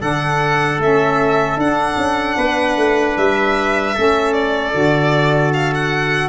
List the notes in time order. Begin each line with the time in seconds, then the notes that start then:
0.00 D3 D4 A4 F#5
0.78 A3 C#4 E5
1.56 D4 F#5
1.96 C#4
2.37 B3 B4
2.76 A3
3.17 G3 E5
3.94 A3 C#4 A4
4.33 D5
4.72 D3 F#4
5.53 F5
5.74 F#5